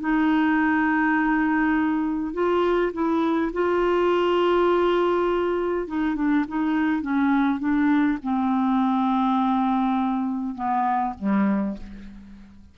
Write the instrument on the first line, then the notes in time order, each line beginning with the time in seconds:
clarinet
0.00 D#4
2.33 F4
2.93 E4
3.53 F4
5.87 D#4
6.15 D4
6.48 D#4
7.01 C#4
7.59 D4
8.23 C4
10.55 B3
11.18 G3